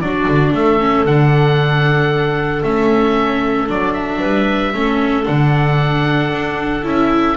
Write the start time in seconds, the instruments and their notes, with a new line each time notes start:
0.00 double bass F#3, viola D4, clarinet F#4, oboe D5
0.27 double bass D3
0.52 double bass A3, clarinet A4, oboe E5
0.79 viola C#4
1.05 double bass D3, viola D4, oboe F#5
2.63 double bass A3, viola C#4, oboe E5
3.67 double bass F#3, viola D4, oboe D5
3.93 oboe E5
4.19 double bass G3, clarinet B4
4.73 double bass A3, viola C#4, clarinet A4
5.23 double bass D3, viola D4, oboe F#5
6.31 double bass D4
6.83 double bass C#4, viola E4, oboe E5